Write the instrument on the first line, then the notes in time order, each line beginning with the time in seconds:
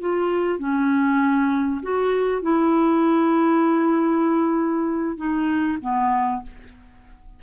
clarinet
0.00 F4
0.58 C#4
1.82 F#4
2.42 E4
5.17 D#4
5.81 B3